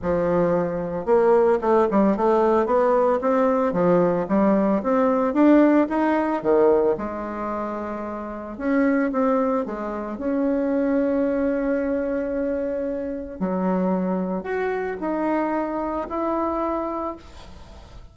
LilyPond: \new Staff \with { instrumentName = "bassoon" } { \time 4/4 \tempo 4 = 112 f2 ais4 a8 g8 | a4 b4 c'4 f4 | g4 c'4 d'4 dis'4 | dis4 gis2. |
cis'4 c'4 gis4 cis'4~ | cis'1~ | cis'4 fis2 fis'4 | dis'2 e'2 | }